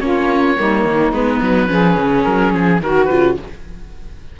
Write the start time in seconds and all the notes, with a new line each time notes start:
0.00 A#3 C#4 F4 C#5
0.57 G3 A#3 D#4
0.85 D#3
1.11 G#3 B3 B4
1.42 F#3
1.67 F3 C#4 G#4
1.97 C#3
2.24 F#3 A#4
2.53 F3 G#4
2.81 D#3 F#4 A#4
3.05 C#3 F4 B4